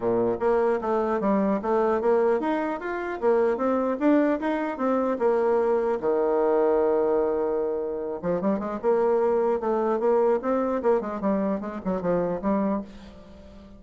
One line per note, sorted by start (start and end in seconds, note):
0.00 0.37 A#2
0.39 0.79 A#3
0.81 1.20 A3
1.20 1.60 G3
1.61 2.01 A3
2.01 2.40 A#3
2.40 2.80 D#4
2.80 3.20 F4
3.20 3.57 A#3
3.57 3.97 C4
3.99 4.39 D4
4.40 4.77 D#4
4.77 5.17 C4
5.19 5.99 A#3
6.00 8.20 D#3
8.21 8.41 F3
8.41 8.59 G3
8.59 8.79 G#3
8.81 9.59 A#3
9.59 9.99 A3
9.99 10.39 A#3
10.42 10.82 C4
10.82 11.01 A#3
11.01 11.20 G#3
11.20 11.60 G3
11.60 11.80 G#3
11.84 12.01 F#3
12.01 12.41 F3
12.41 12.81 G3